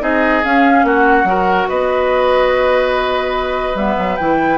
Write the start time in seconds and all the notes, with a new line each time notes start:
0.00 C4 D#4 G#4 D#5
0.45 C#4 F5
0.84 A#3 F#4 F#5
1.24 F#3 F#4 A#4
1.69 B3 B4 D#5
3.75 G3 B3 E5
3.97 F#3
4.17 E3 E4 G5